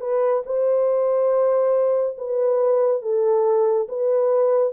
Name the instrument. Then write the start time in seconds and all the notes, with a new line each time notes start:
horn
0.00 B4
0.45 C5
2.17 B4
3.02 A4
3.88 B4